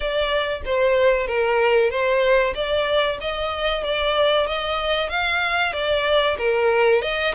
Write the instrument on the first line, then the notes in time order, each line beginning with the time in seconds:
violin
0.00 D5
0.65 C5
1.27 A#4
1.90 C5
2.54 D5
3.20 D#5
3.83 D5
4.46 D#5
5.09 F5
5.72 D5
6.38 A#4
7.02 D#5